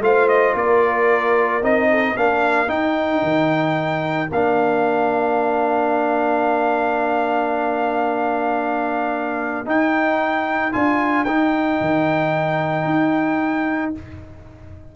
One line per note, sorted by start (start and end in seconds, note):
0.00 0.54 A3
0.00 1.62 F4
0.00 0.58 C5
0.00 0.28 F5
0.28 0.55 D#5
0.55 1.62 A#3
0.55 1.91 A#4
0.55 1.64 D5
1.62 2.16 C4
1.62 2.16 D#4
1.62 2.17 D#5
1.91 2.17 A4
2.16 2.68 A#3
2.16 2.67 D4
2.16 13.96 A#4
2.16 2.69 F5
2.67 4.28 D#4
2.67 3.22 D#4
2.67 4.30 G5
3.23 4.30 D#3
4.31 9.66 A#3
4.31 9.66 D4
4.31 9.68 F5
9.66 10.72 D#4
9.66 10.73 D#4
9.66 10.73 G5
10.72 11.26 D4
10.72 11.25 F4
10.72 11.24 G#5
11.24 11.79 D#4
11.24 13.95 D#4
11.24 13.92 G5
11.81 12.85 D#3
12.85 13.92 D#4